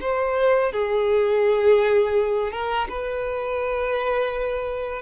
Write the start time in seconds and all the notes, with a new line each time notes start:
0.00 C5
0.72 G#4
2.51 A#4
2.88 B4